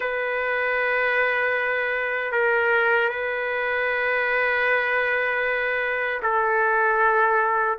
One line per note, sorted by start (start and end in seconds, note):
0.00 2.32 B4
2.32 3.09 A#4
3.09 6.21 B4
6.22 7.78 A4